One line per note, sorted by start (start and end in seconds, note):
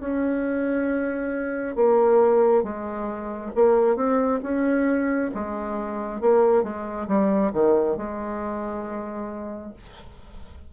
0.00 1.76 C#4
1.76 2.63 A#3
2.63 3.51 G#3
3.55 3.96 A#3
3.96 4.40 C4
4.42 5.31 C#4
5.34 6.21 G#3
6.21 6.63 A#3
6.63 7.07 G#3
7.07 7.52 G3
7.52 7.97 D#3
7.97 9.73 G#3